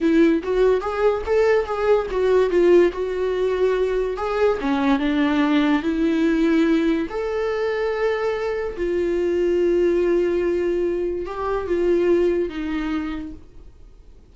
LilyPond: \new Staff \with { instrumentName = "viola" } { \time 4/4 \tempo 4 = 144 e'4 fis'4 gis'4 a'4 | gis'4 fis'4 f'4 fis'4~ | fis'2 gis'4 cis'4 | d'2 e'2~ |
e'4 a'2.~ | a'4 f'2.~ | f'2. g'4 | f'2 dis'2 | }